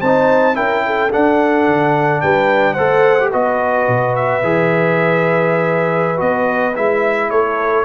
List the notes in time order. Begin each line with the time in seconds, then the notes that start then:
0.00 C4 D#4 C5 A5
0.54 C#4 E4 A#4 G5
0.86 A4
1.12 D4 F#5
1.67 D3
2.21 G3 B4 G5
2.73 A3 A4 C5 F#5
3.19 G4
3.31 B3 F#4 B4 D#5
3.87 B2
4.15 E5
4.43 E3 G#4
6.17 B3 F#4 D#5
6.75 G#3 E4 E5
7.30 A3 A4 C#5